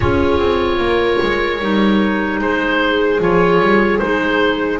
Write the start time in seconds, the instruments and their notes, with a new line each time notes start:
0.00 double bass C#4, clarinet F4, viola G#4, oboe C#5
0.39 double bass C4
0.77 double bass A#3, viola A#4
1.22 double bass G#3
1.59 double bass G3, clarinet D#4
2.39 double bass G#3, viola G#4, oboe C5
3.19 double bass F3, clarinet F4, oboe C#5
3.59 double bass G3
3.98 double bass G#3, clarinet D#4, oboe C5